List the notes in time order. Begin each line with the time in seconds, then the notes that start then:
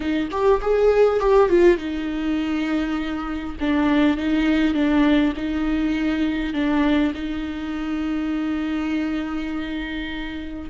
0.00 D#4
0.31 G4
0.61 G#4
1.19 G4
1.49 F4
1.77 D#4
3.59 D4
4.17 D#4
4.74 D4
5.36 D#4
6.53 D4
7.14 D#4